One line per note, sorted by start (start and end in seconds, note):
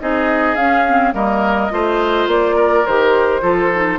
0.00 0.56 C4
0.00 0.57 D#4
0.00 1.14 G#4
0.00 0.55 D#5
0.55 1.13 C#4
0.55 0.86 C#4
0.55 1.13 F5
0.87 1.12 C4
1.12 1.71 G3
1.12 1.70 A#3
1.12 1.72 A#4
1.12 2.29 D#5
1.70 2.27 A3
1.70 2.84 F4
1.70 2.55 C5
2.27 2.84 A#3
2.27 2.86 D5
2.55 3.41 A#4
2.86 3.42 D#3
2.86 3.42 G4
2.86 3.99 C5
3.42 3.99 F3
3.42 3.70 F4
3.42 3.99 A4
3.75 3.99 D#4